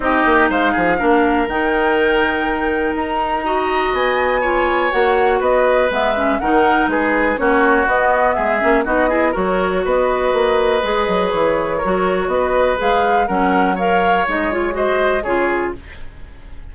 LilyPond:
<<
  \new Staff \with { instrumentName = "flute" } { \time 4/4 \tempo 4 = 122 dis''4 f''2 g''4~ | g''2 ais''2 | gis''2 fis''4 dis''4 | e''4 fis''4 b'4 cis''4 |
dis''4 e''4 dis''4 cis''4 | dis''2. cis''4~ | cis''4 dis''4 f''4 fis''4 | f''4 dis''8 cis''8 dis''4 cis''4 | }
  \new Staff \with { instrumentName = "oboe" } { \time 4/4 g'4 c''8 gis'8 ais'2~ | ais'2. dis''4~ | dis''4 cis''2 b'4~ | b'4 ais'4 gis'4 fis'4~ |
fis'4 gis'4 fis'8 gis'8 ais'4 | b'1 | ais'4 b'2 ais'4 | cis''2 c''4 gis'4 | }
  \new Staff \with { instrumentName = "clarinet" } { \time 4/4 dis'2 d'4 dis'4~ | dis'2. fis'4~ | fis'4 f'4 fis'2 | b8 cis'8 dis'2 cis'4 |
b4. cis'8 dis'8 e'8 fis'4~ | fis'2 gis'2 | fis'2 gis'4 cis'4 | ais'4 dis'8 f'8 fis'4 f'4 | }
  \new Staff \with { instrumentName = "bassoon" } { \time 4/4 c'8 ais8 gis8 f8 ais4 dis4~ | dis2 dis'2 | b2 ais4 b4 | gis4 dis4 gis4 ais4 |
b4 gis8 ais8 b4 fis4 | b4 ais4 gis8 fis8 e4 | fis4 b4 gis4 fis4~ | fis4 gis2 cis4 | }
>>